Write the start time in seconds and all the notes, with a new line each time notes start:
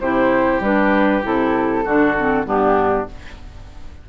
0.00 C3 E4 G4 C5
0.60 G3 D4 B4
1.23 C3 E4 A4
1.84 D3 D4 F#4
2.17 C4
2.45 G2 B3 D4 G4